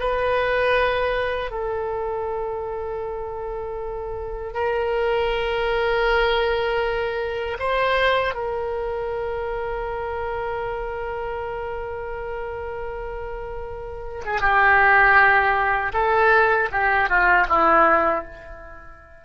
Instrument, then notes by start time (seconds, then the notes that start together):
oboe
0.00 B4
1.51 A4
4.54 A#4
7.59 C5
8.35 A#4
14.25 G#4
14.41 G4
15.94 A4
16.72 G4
17.09 F4
17.49 E4